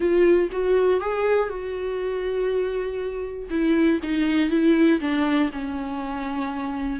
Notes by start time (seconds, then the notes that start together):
0.00 F4
0.52 F#4
1.00 G#4
1.49 F#4
3.50 E4
4.02 D#4
4.50 E4
5.00 D4
5.52 C#4